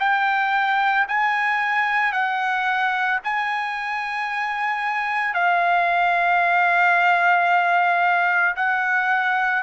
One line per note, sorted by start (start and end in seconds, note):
0.00 1.07 G5
1.08 2.12 G#5
2.12 3.19 F#5
3.24 5.34 G#5
5.34 8.56 F5
8.56 9.63 F#5